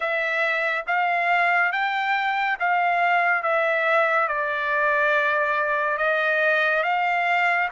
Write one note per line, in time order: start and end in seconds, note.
0.00 0.85 E5
0.86 1.71 F5
1.71 2.57 G5
2.59 3.42 F5
3.42 4.27 E5
4.27 5.97 D5
5.97 6.83 D#5
6.83 7.68 F5